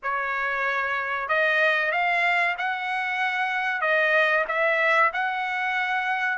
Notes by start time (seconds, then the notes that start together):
0.02 C#5
1.28 D#5
1.91 F5
2.57 F#5
3.81 D#5
4.47 E5
5.13 F#5